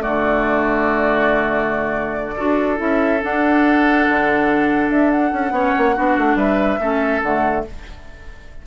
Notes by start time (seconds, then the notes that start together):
0.00 A3 F#4 D5
0.06 D3
2.37 D4 F#4 A4
2.77 C#4 E4 E5
3.22 D4 F#5
4.09 D3
4.90 D4 E5
5.11 F#5
5.33 C#4
5.51 B3 C#4 C#5
5.77 A#3
5.96 B3 D4 F#4
6.18 A3
6.36 G3 B4 E5
6.80 A3 C#4 A4
7.23 D3 A3 F#5